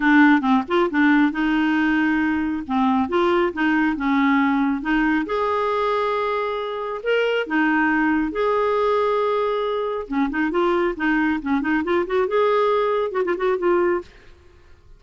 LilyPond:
\new Staff \with { instrumentName = "clarinet" } { \time 4/4 \tempo 4 = 137 d'4 c'8 f'8 d'4 dis'4~ | dis'2 c'4 f'4 | dis'4 cis'2 dis'4 | gis'1 |
ais'4 dis'2 gis'4~ | gis'2. cis'8 dis'8 | f'4 dis'4 cis'8 dis'8 f'8 fis'8 | gis'2 fis'16 f'16 fis'8 f'4 | }